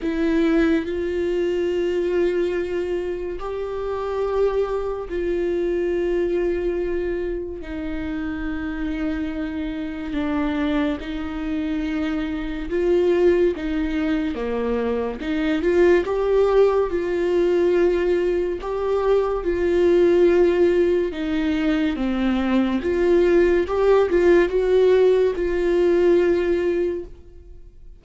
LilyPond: \new Staff \with { instrumentName = "viola" } { \time 4/4 \tempo 4 = 71 e'4 f'2. | g'2 f'2~ | f'4 dis'2. | d'4 dis'2 f'4 |
dis'4 ais4 dis'8 f'8 g'4 | f'2 g'4 f'4~ | f'4 dis'4 c'4 f'4 | g'8 f'8 fis'4 f'2 | }